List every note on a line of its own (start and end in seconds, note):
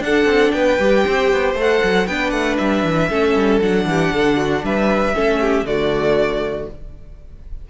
0.00 0.25 D4
0.00 0.80 D4
0.00 0.54 A4
0.00 0.52 F#5
0.25 0.51 C4
0.52 0.79 B3
0.52 1.05 B4
0.52 1.54 G5
0.79 1.05 G3
0.79 1.56 G4
1.05 1.32 C4
1.05 2.08 C5
1.32 1.55 B3
1.55 1.80 A3
1.55 2.07 A4
1.61 2.08 F#5
1.84 2.07 F#3
2.07 2.32 B3
2.07 3.11 D4
2.07 3.09 B4
2.07 2.30 G5
2.30 2.58 A3
2.30 2.56 F#5
2.58 2.84 G3
2.58 3.60 E5
2.84 3.10 E3
3.09 3.36 A3
3.09 3.62 C#4
3.09 3.86 A4
3.36 3.61 G3
3.62 3.85 F#3
3.62 5.15 D4
3.62 4.65 F#5
3.85 4.11 E3
3.85 4.14 G4
4.13 4.63 D3
4.13 4.37 A4
4.37 4.63 F#4
4.63 5.15 G3
4.63 5.15 B4
4.63 5.66 E5
5.15 5.63 A3
5.15 5.66 C#4
5.15 5.41 A4
5.41 5.67 G4
5.63 6.65 D3
5.63 6.69 A3
5.63 6.70 F#4
5.63 6.69 D5